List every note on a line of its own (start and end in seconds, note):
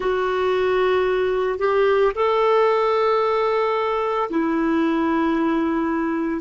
0.00 1.58 F#4
1.58 2.12 G4
2.15 4.29 A4
4.30 6.41 E4